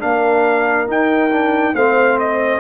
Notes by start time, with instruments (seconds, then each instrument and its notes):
0.00 tuba A#3, trombone D4, horn A#4, trumpet F5
0.87 trombone D#4, tuba D#4, trumpet G5
1.31 trombone D4
1.74 tuba A3, trombone C4, horn C5, trumpet F5
2.19 trumpet D#5